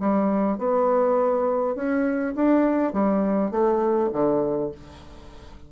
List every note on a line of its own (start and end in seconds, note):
0.00 0.59 G3
0.59 1.76 B3
1.76 2.34 C#4
2.36 2.94 D4
2.94 3.51 G3
3.51 4.10 A3
4.13 4.72 D3